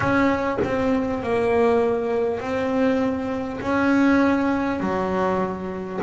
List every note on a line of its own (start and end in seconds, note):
0.00 0.58 C#4
0.63 1.23 C4
1.23 2.40 A#3
2.40 3.60 C4
3.60 4.80 C#4
4.80 6.00 F#3